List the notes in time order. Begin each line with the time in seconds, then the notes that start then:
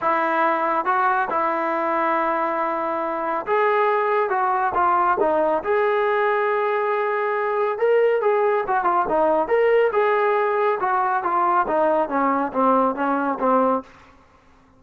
0.01 E4
0.85 F#4
1.30 E4
3.46 G#4
4.29 F#4
4.74 F4
5.20 D#4
5.63 G#4
7.78 A#4
8.21 G#4
8.67 F#4
8.84 F4
9.08 D#4
9.47 A#4
9.92 G#4
10.80 F#4
11.23 F4
11.67 D#4
12.08 C#4
12.52 C4
12.95 C#4
13.39 C4